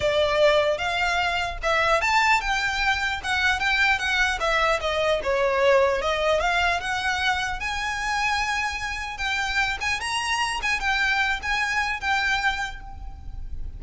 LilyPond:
\new Staff \with { instrumentName = "violin" } { \time 4/4 \tempo 4 = 150 d''2 f''2 | e''4 a''4 g''2 | fis''4 g''4 fis''4 e''4 | dis''4 cis''2 dis''4 |
f''4 fis''2 gis''4~ | gis''2. g''4~ | g''8 gis''8 ais''4. gis''8 g''4~ | g''8 gis''4. g''2 | }